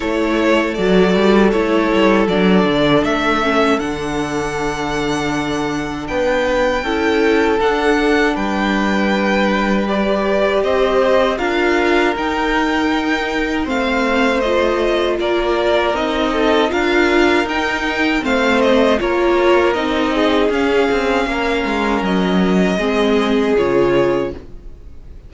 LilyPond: <<
  \new Staff \with { instrumentName = "violin" } { \time 4/4 \tempo 4 = 79 cis''4 d''4 cis''4 d''4 | e''4 fis''2. | g''2 fis''4 g''4~ | g''4 d''4 dis''4 f''4 |
g''2 f''4 dis''4 | d''4 dis''4 f''4 g''4 | f''8 dis''8 cis''4 dis''4 f''4~ | f''4 dis''2 cis''4 | }
  \new Staff \with { instrumentName = "violin" } { \time 4/4 a'1~ | a'1 | b'4 a'2 b'4~ | b'2 c''4 ais'4~ |
ais'2 c''2 | ais'4. a'8 ais'2 | c''4 ais'4. gis'4. | ais'2 gis'2 | }
  \new Staff \with { instrumentName = "viola" } { \time 4/4 e'4 fis'4 e'4 d'4~ | d'8 cis'8 d'2.~ | d'4 e'4 d'2~ | d'4 g'2 f'4 |
dis'2 c'4 f'4~ | f'4 dis'4 f'4 dis'4 | c'4 f'4 dis'4 cis'4~ | cis'2 c'4 f'4 | }
  \new Staff \with { instrumentName = "cello" } { \time 4/4 a4 fis8 g8 a8 g8 fis8 d8 | a4 d2. | b4 cis'4 d'4 g4~ | g2 c'4 d'4 |
dis'2 a2 | ais4 c'4 d'4 dis'4 | a4 ais4 c'4 cis'8 c'8 | ais8 gis8 fis4 gis4 cis4 | }
>>